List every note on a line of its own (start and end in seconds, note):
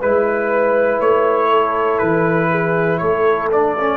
0.00 1.00 G#3
0.00 3.52 E4
0.00 1.50 B4
0.00 1.01 B4
1.00 2.00 A3
1.00 1.99 C#5
1.50 2.50 A4
1.99 3.01 E3
1.99 2.98 B4
2.51 3.01 G#4
2.98 3.98 A3
2.98 3.98 A4
2.98 3.48 C#5
3.52 3.77 D4
3.52 3.98 D5
3.78 3.98 C#4